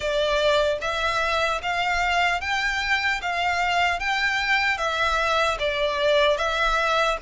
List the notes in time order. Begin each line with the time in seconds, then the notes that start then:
0.00 D5
0.81 E5
1.62 F5
2.40 G5
3.21 F5
3.99 G5
4.77 E5
5.59 D5
6.37 E5